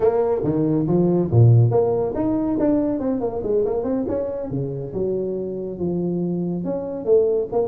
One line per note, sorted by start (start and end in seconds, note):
0.00 0.42 A#3
0.43 0.86 D#3
0.87 1.30 F3
1.31 1.70 A#2
1.70 2.13 A#3
2.14 2.57 D#4
2.59 2.99 D4
2.99 3.20 C4
3.20 3.41 A#3
3.43 3.64 G#3
3.65 3.83 A#3
3.83 4.05 C4
4.08 4.50 C#4
4.50 4.92 C#3
4.93 5.79 F#3
5.79 6.64 F3
6.64 7.05 C#4
7.05 7.48 A3
7.52 7.68 A#3